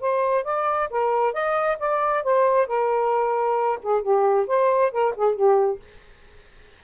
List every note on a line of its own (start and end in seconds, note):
0.00 0.44 C5
0.44 0.89 D5
0.90 1.32 A#4
1.32 1.77 D#5
1.78 2.23 D5
2.23 2.67 C5
2.67 3.79 A#4
3.82 4.02 G#4
4.02 4.46 G4
4.47 4.92 C5
4.92 5.14 A#4
5.15 5.34 G#4
5.34 5.79 G4